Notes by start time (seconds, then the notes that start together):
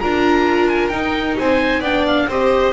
0.00 D4 F4 A#4 A#5
0.69 G#5
0.89 D#4 G5
1.39 C4 C5 G#5
1.79 B3 D4 D5 G5
2.07 F5
2.27 C4 G4 C5 D#5